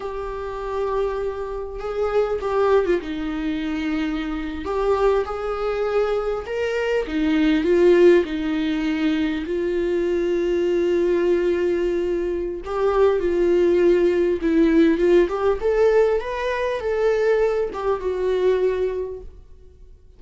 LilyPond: \new Staff \with { instrumentName = "viola" } { \time 4/4 \tempo 4 = 100 g'2. gis'4 | g'8. f'16 dis'2~ dis'8. g'16~ | g'8. gis'2 ais'4 dis'16~ | dis'8. f'4 dis'2 f'16~ |
f'1~ | f'4 g'4 f'2 | e'4 f'8 g'8 a'4 b'4 | a'4. g'8 fis'2 | }